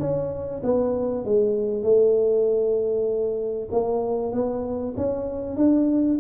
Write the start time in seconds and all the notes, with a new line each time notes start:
0.00 C#4
0.64 B3
1.25 G#3
1.83 A3
3.71 A#3
4.32 B3
4.97 C#4
5.56 D4